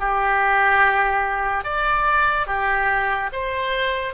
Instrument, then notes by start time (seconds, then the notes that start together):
oboe
0.00 G4
1.64 D5
2.47 G4
3.33 C5